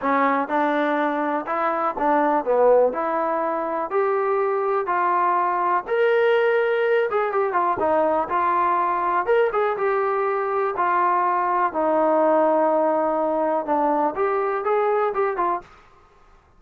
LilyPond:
\new Staff \with { instrumentName = "trombone" } { \time 4/4 \tempo 4 = 123 cis'4 d'2 e'4 | d'4 b4 e'2 | g'2 f'2 | ais'2~ ais'8 gis'8 g'8 f'8 |
dis'4 f'2 ais'8 gis'8 | g'2 f'2 | dis'1 | d'4 g'4 gis'4 g'8 f'8 | }